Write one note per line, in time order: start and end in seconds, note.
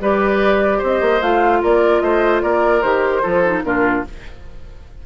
0.00 0.81 G3
0.00 1.21 G4
0.00 0.78 B4
0.00 0.82 D5
0.78 1.01 C4
0.78 1.58 C5
0.85 1.22 D#5
1.01 1.21 A#3
1.21 1.62 A3
1.21 2.82 F4
1.21 1.62 F5
1.62 2.01 A#3
1.62 2.02 A#4
1.62 2.00 D5
2.00 2.41 A3
2.00 2.42 C5
2.00 2.40 D#5
2.41 2.82 A#3
2.41 3.22 A#4
2.41 2.81 D5
2.81 3.22 D#3
2.81 3.23 G4
2.81 3.62 C5
3.22 3.63 F3
3.22 3.43 F4
3.22 3.62 A4
3.45 3.64 D#4
3.63 4.03 A#2
3.63 4.04 D4
3.63 4.06 F4
3.63 4.04 A#4